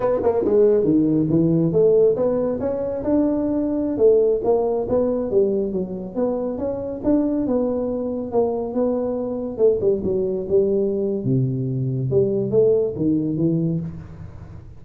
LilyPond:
\new Staff \with { instrumentName = "tuba" } { \time 4/4 \tempo 4 = 139 b8 ais8 gis4 dis4 e4 | a4 b4 cis'4 d'4~ | d'4~ d'16 a4 ais4 b8.~ | b16 g4 fis4 b4 cis'8.~ |
cis'16 d'4 b2 ais8.~ | ais16 b2 a8 g8 fis8.~ | fis16 g4.~ g16 c2 | g4 a4 dis4 e4 | }